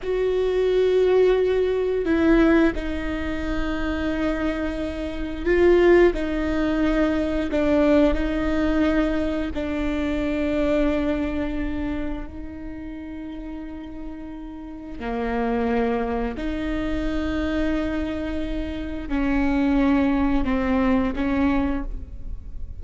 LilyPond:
\new Staff \with { instrumentName = "viola" } { \time 4/4 \tempo 4 = 88 fis'2. e'4 | dis'1 | f'4 dis'2 d'4 | dis'2 d'2~ |
d'2 dis'2~ | dis'2 ais2 | dis'1 | cis'2 c'4 cis'4 | }